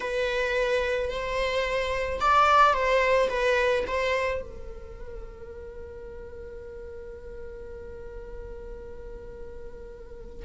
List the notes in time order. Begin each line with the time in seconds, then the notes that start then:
0.00 B4
1.10 C5
2.20 D5
2.73 C5
3.29 B4
3.87 C5
4.41 A#4